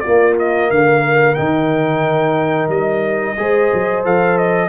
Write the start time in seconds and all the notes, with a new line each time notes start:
0.00 A#3 F4 D5
0.06 A#3
0.39 D#5
0.71 D3 A#4 F5
1.35 D#3 D#4 G5
2.68 G3 D#5
3.37 G#3 G#4 C5
3.74 F#3
4.04 F3 A4 F5
4.38 D#5